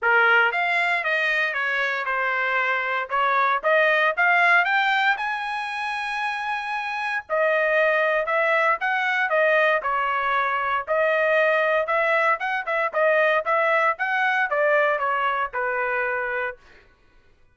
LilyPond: \new Staff \with { instrumentName = "trumpet" } { \time 4/4 \tempo 4 = 116 ais'4 f''4 dis''4 cis''4 | c''2 cis''4 dis''4 | f''4 g''4 gis''2~ | gis''2 dis''2 |
e''4 fis''4 dis''4 cis''4~ | cis''4 dis''2 e''4 | fis''8 e''8 dis''4 e''4 fis''4 | d''4 cis''4 b'2 | }